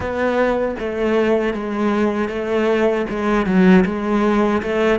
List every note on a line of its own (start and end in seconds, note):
0.00 0.75 B3
0.79 1.53 A3
1.53 2.28 G#3
2.28 3.05 A3
3.09 3.45 G#3
3.45 3.84 F#3
3.85 4.62 G#3
4.62 4.99 A3